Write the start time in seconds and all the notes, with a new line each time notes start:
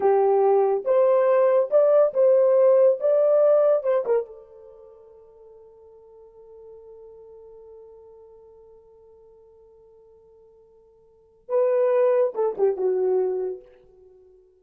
0.00 G4
0.84 C5
1.70 D5
2.13 C5
3.00 D5
3.83 C5
4.05 A#4
4.25 A4
11.48 B4
12.34 A4
12.57 G4
12.77 F#4